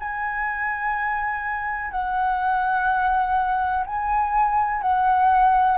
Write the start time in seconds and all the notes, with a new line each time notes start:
0.00 G#5
1.91 F#5
3.87 G#5
4.82 F#5